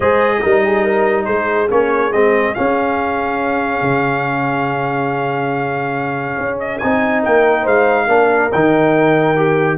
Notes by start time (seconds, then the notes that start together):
0.00 G#3 G#4 C5 D#5
0.41 G3 D#4 A#4
0.65 G#4
0.83 A#4
1.25 G#3 G#4 C5
1.69 A#3 C#4 C#5
2.12 G#3 C4 D#5
2.54 C#4 F5
3.81 C#3
6.37 C#4
6.59 D#5
6.78 C4 D#4 G#5
7.22 A#3 A#4 G5
7.62 G#3 C5 F5
8.07 A#3 D4 A#4
8.52 D#3 D#4 G5
9.36 G4